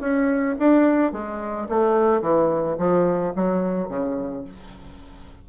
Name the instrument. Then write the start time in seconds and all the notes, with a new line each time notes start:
bassoon
0.00 C#4
0.59 D4
1.12 G#3
1.69 A3
2.22 E3
2.79 F3
3.36 F#3
3.89 C#3